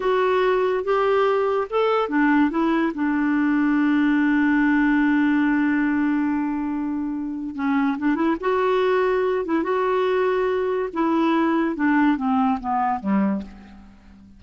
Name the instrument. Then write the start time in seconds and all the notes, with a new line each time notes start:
clarinet
0.00 F#4
0.84 G4
1.70 A4
2.08 D4
2.50 E4
2.94 D4
7.55 C#4
7.98 D4
8.15 E4
8.40 F#4
9.45 E4
9.63 F#4
10.93 E4
11.75 D4
12.16 C4
12.60 B3
13.00 G3